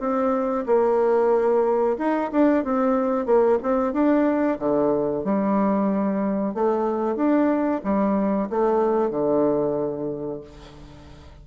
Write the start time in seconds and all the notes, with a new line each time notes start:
0.00 C4
0.66 A#3
1.98 D#4
2.32 D4
2.64 C4
3.26 A#3
3.63 C4
3.93 D4
4.59 D3
5.24 G3
6.54 A3
7.16 D4
7.83 G3
8.50 A3
9.10 D3